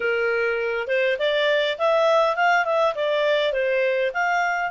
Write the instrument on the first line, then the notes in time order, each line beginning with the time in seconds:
clarinet
0.00 A#4
0.87 C5
1.18 D5
1.78 E5
2.36 F5
2.65 E5
2.95 D5
3.52 C5
4.13 F5